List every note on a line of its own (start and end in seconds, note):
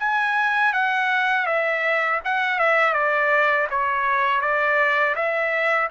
0.00 0.73 G#5
0.73 1.47 F#5
1.47 2.21 E5
2.25 2.59 F#5
2.59 2.94 E5
2.94 3.68 D5
3.71 4.41 C#5
4.41 5.15 D5
5.16 5.90 E5